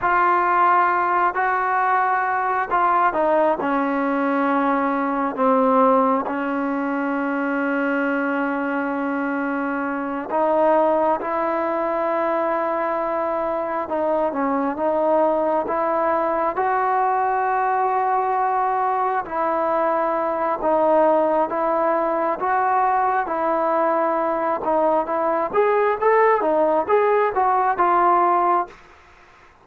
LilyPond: \new Staff \with { instrumentName = "trombone" } { \time 4/4 \tempo 4 = 67 f'4. fis'4. f'8 dis'8 | cis'2 c'4 cis'4~ | cis'2.~ cis'8 dis'8~ | dis'8 e'2. dis'8 |
cis'8 dis'4 e'4 fis'4.~ | fis'4. e'4. dis'4 | e'4 fis'4 e'4. dis'8 | e'8 gis'8 a'8 dis'8 gis'8 fis'8 f'4 | }